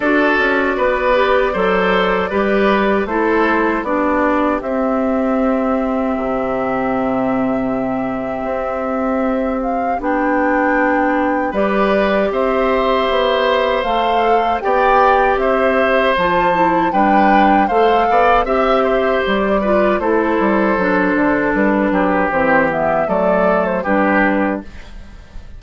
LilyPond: <<
  \new Staff \with { instrumentName = "flute" } { \time 4/4 \tempo 4 = 78 d''1 | c''4 d''4 e''2~ | e''1~ | e''8 f''8 g''2 d''4 |
e''2 f''4 g''4 | e''4 a''4 g''4 f''4 | e''4 d''4 c''2 | b'4 c''8 e''8 d''8. c''16 b'4 | }
  \new Staff \with { instrumentName = "oboe" } { \time 4/4 a'4 b'4 c''4 b'4 | a'4 g'2.~ | g'1~ | g'2. b'4 |
c''2. d''4 | c''2 b'4 c''8 d''8 | e''8 c''4 b'8 a'2~ | a'8 g'4. a'4 g'4 | }
  \new Staff \with { instrumentName = "clarinet" } { \time 4/4 fis'4. g'8 a'4 g'4 | e'4 d'4 c'2~ | c'1~ | c'4 d'2 g'4~ |
g'2 a'4 g'4~ | g'4 f'8 e'8 d'4 a'4 | g'4. f'8 e'4 d'4~ | d'4 c'8 b8 a4 d'4 | }
  \new Staff \with { instrumentName = "bassoon" } { \time 4/4 d'8 cis'8 b4 fis4 g4 | a4 b4 c'2 | c2. c'4~ | c'4 b2 g4 |
c'4 b4 a4 b4 | c'4 f4 g4 a8 b8 | c'4 g4 a8 g8 fis8 d8 | g8 fis8 e4 fis4 g4 | }
>>